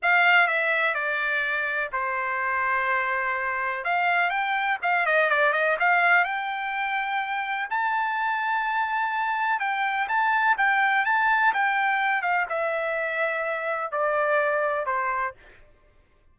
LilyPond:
\new Staff \with { instrumentName = "trumpet" } { \time 4/4 \tempo 4 = 125 f''4 e''4 d''2 | c''1 | f''4 g''4 f''8 dis''8 d''8 dis''8 | f''4 g''2. |
a''1 | g''4 a''4 g''4 a''4 | g''4. f''8 e''2~ | e''4 d''2 c''4 | }